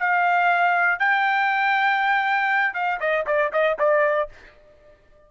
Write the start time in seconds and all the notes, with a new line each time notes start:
0.00 F5
1.00 G5
2.74 F5
3.00 D#5
3.27 D5
3.53 D#5
3.79 D5